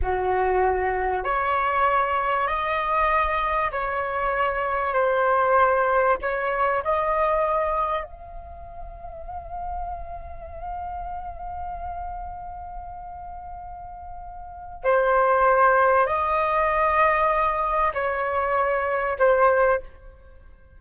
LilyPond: \new Staff \with { instrumentName = "flute" } { \time 4/4 \tempo 4 = 97 fis'2 cis''2 | dis''2 cis''2 | c''2 cis''4 dis''4~ | dis''4 f''2.~ |
f''1~ | f''1 | c''2 dis''2~ | dis''4 cis''2 c''4 | }